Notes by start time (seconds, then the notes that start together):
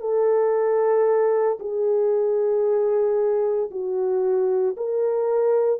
0.00 A4
1.59 G#4
3.71 F#4
4.77 A#4